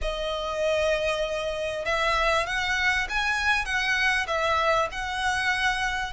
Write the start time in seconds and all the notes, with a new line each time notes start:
0.01 D#5
1.85 E5
2.46 F#5
3.09 G#5
3.65 F#5
4.27 E5
4.91 F#5